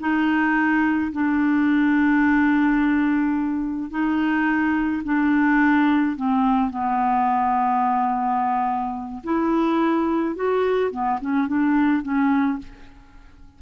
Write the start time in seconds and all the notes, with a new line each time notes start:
0.00 D#4
1.12 D4
3.91 D#4
5.04 D4
6.17 C4
6.70 B3
9.24 E4
10.36 F#4
10.91 B3
11.21 C#4
11.48 D4
12.03 C#4